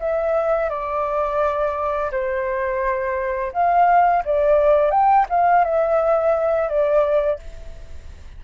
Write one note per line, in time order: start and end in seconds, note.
0.00 0.69 E5
0.69 2.10 D5
2.11 3.52 C5
3.53 4.23 F5
4.24 4.91 D5
4.91 5.26 G5
5.29 5.64 F5
5.64 6.69 E5
6.69 7.39 D5